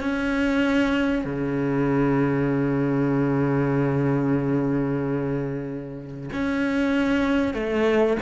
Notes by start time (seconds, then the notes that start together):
0.00 C#4
1.24 C#3
6.33 C#4
7.53 A3